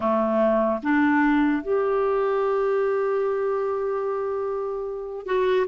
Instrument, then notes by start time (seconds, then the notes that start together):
clarinet
0.00 A3
0.83 D4
1.62 G4
5.26 F#4